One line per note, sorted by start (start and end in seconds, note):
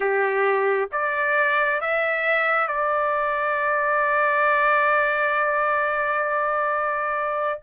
0.00 0.89 G4
0.92 1.81 D5
1.81 2.67 E5
2.67 7.60 D5